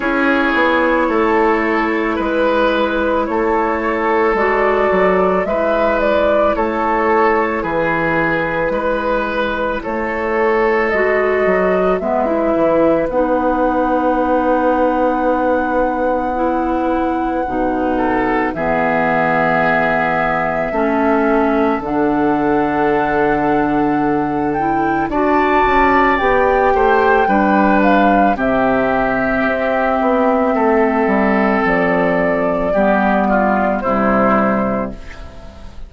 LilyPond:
<<
  \new Staff \with { instrumentName = "flute" } { \time 4/4 \tempo 4 = 55 cis''2 b'4 cis''4 | d''4 e''8 d''8 cis''4 b'4~ | b'4 cis''4 dis''4 e''4 | fis''1~ |
fis''4 e''2. | fis''2~ fis''8 g''8 a''4 | g''4. f''8 e''2~ | e''4 d''2 c''4 | }
  \new Staff \with { instrumentName = "oboe" } { \time 4/4 gis'4 a'4 b'4 a'4~ | a'4 b'4 a'4 gis'4 | b'4 a'2 b'4~ | b'1~ |
b'8 a'8 gis'2 a'4~ | a'2. d''4~ | d''8 c''8 b'4 g'2 | a'2 g'8 f'8 e'4 | }
  \new Staff \with { instrumentName = "clarinet" } { \time 4/4 e'1 | fis'4 e'2.~ | e'2 fis'4 b16 e'8. | dis'2. e'4 |
dis'4 b2 cis'4 | d'2~ d'8 e'8 fis'4 | g'4 d'4 c'2~ | c'2 b4 g4 | }
  \new Staff \with { instrumentName = "bassoon" } { \time 4/4 cis'8 b8 a4 gis4 a4 | gis8 fis8 gis4 a4 e4 | gis4 a4 gis8 fis8 gis8 e8 | b1 |
b,4 e2 a4 | d2. d'8 cis'8 | b8 a8 g4 c4 c'8 b8 | a8 g8 f4 g4 c4 | }
>>